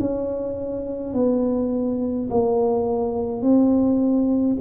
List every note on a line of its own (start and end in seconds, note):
0.00 1.14 C#4
1.14 2.29 B3
2.30 3.42 A#3
3.42 4.57 C4